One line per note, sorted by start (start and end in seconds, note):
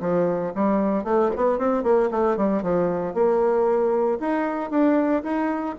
0.00 0.52 F3
0.54 1.04 G3
1.04 1.30 A3
1.35 1.58 B3
1.58 1.83 C4
1.83 2.09 A#3
2.10 2.36 A3
2.37 2.62 G3
2.62 3.14 F3
3.14 4.18 A#3
4.20 4.70 D#4
4.70 5.22 D4
5.23 5.75 D#4